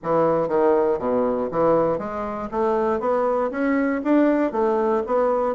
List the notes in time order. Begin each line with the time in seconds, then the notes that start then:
0.03 E3
0.48 D#3
0.98 B2
1.51 E3
1.98 G#3
2.51 A3
3.00 B3
3.50 C#4
4.04 D4
4.52 A3
5.06 B3